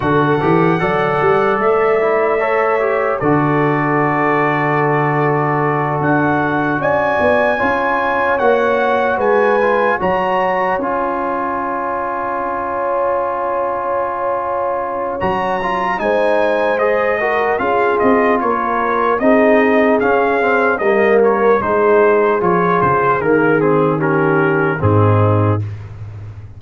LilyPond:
<<
  \new Staff \with { instrumentName = "trumpet" } { \time 4/4 \tempo 4 = 75 fis''2 e''2 | d''2.~ d''8 fis''8~ | fis''8 gis''2 fis''4 gis''8~ | gis''8 ais''4 gis''2~ gis''8~ |
gis''2. ais''4 | gis''4 dis''4 f''8 dis''8 cis''4 | dis''4 f''4 dis''8 cis''8 c''4 | cis''8 c''8 ais'8 gis'8 ais'4 gis'4 | }
  \new Staff \with { instrumentName = "horn" } { \time 4/4 a'4 d''2 cis''4 | a'1~ | a'8 d''4 cis''2 b'8~ | b'8 cis''2.~ cis''8~ |
cis''1 | c''4. ais'8 gis'4 ais'4 | gis'2 ais'4 gis'4~ | gis'2 g'4 dis'4 | }
  \new Staff \with { instrumentName = "trombone" } { \time 4/4 fis'8 g'8 a'4. e'8 a'8 g'8 | fis'1~ | fis'4. f'4 fis'4. | f'8 fis'4 f'2~ f'8~ |
f'2. fis'8 f'8 | dis'4 gis'8 fis'8 f'2 | dis'4 cis'8 c'8 ais4 dis'4 | f'4 ais8 c'8 cis'4 c'4 | }
  \new Staff \with { instrumentName = "tuba" } { \time 4/4 d8 e8 fis8 g8 a2 | d2.~ d8 d'8~ | d'8 cis'8 b8 cis'4 ais4 gis8~ | gis8 fis4 cis'2~ cis'8~ |
cis'2. fis4 | gis2 cis'8 c'8 ais4 | c'4 cis'4 g4 gis4 | f8 cis8 dis2 gis,4 | }
>>